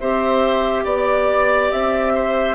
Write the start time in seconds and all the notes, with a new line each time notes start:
0.00 C4 G4 C5 E5
0.85 B3 D5
1.72 C4 E5
2.15 C5